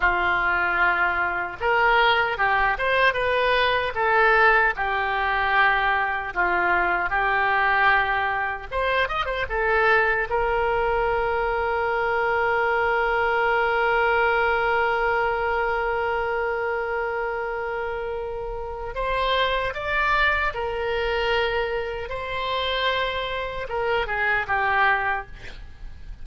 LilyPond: \new Staff \with { instrumentName = "oboe" } { \time 4/4 \tempo 4 = 76 f'2 ais'4 g'8 c''8 | b'4 a'4 g'2 | f'4 g'2 c''8 dis''16 c''16 | a'4 ais'2.~ |
ais'1~ | ais'1 | c''4 d''4 ais'2 | c''2 ais'8 gis'8 g'4 | }